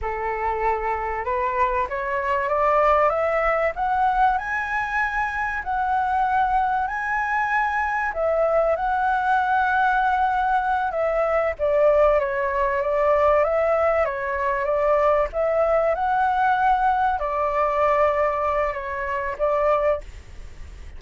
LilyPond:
\new Staff \with { instrumentName = "flute" } { \time 4/4 \tempo 4 = 96 a'2 b'4 cis''4 | d''4 e''4 fis''4 gis''4~ | gis''4 fis''2 gis''4~ | gis''4 e''4 fis''2~ |
fis''4. e''4 d''4 cis''8~ | cis''8 d''4 e''4 cis''4 d''8~ | d''8 e''4 fis''2 d''8~ | d''2 cis''4 d''4 | }